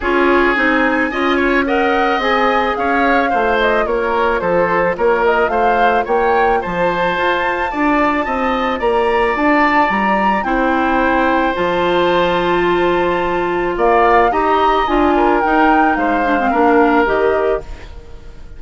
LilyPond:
<<
  \new Staff \with { instrumentName = "flute" } { \time 4/4 \tempo 4 = 109 cis''4 gis''2 fis''4 | gis''4 f''4. dis''8 cis''4 | c''4 cis''8 dis''8 f''4 g''4 | a''1 |
ais''4 a''4 ais''4 g''4~ | g''4 a''2.~ | a''4 f''4 ais''4 gis''4 | g''4 f''2 dis''4 | }
  \new Staff \with { instrumentName = "oboe" } { \time 4/4 gis'2 dis''8 cis''8 dis''4~ | dis''4 cis''4 c''4 ais'4 | a'4 ais'4 c''4 cis''4 | c''2 d''4 dis''4 |
d''2. c''4~ | c''1~ | c''4 d''4 dis''4. ais'8~ | ais'4 c''4 ais'2 | }
  \new Staff \with { instrumentName = "clarinet" } { \time 4/4 f'4 dis'4 f'4 ais'4 | gis'2 f'2~ | f'1~ | f'1~ |
f'2. e'4~ | e'4 f'2.~ | f'2 g'4 f'4 | dis'4. d'16 c'16 d'4 g'4 | }
  \new Staff \with { instrumentName = "bassoon" } { \time 4/4 cis'4 c'4 cis'2 | c'4 cis'4 a4 ais4 | f4 ais4 a4 ais4 | f4 f'4 d'4 c'4 |
ais4 d'4 g4 c'4~ | c'4 f2.~ | f4 ais4 dis'4 d'4 | dis'4 gis4 ais4 dis4 | }
>>